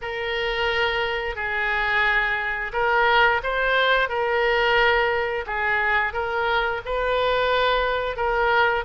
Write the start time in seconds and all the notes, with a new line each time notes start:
0.01 A#4
1.35 G#4
2.73 A#4
3.43 C5
4.08 A#4
5.46 G#4
6.13 A#4
6.85 B4
8.16 A#4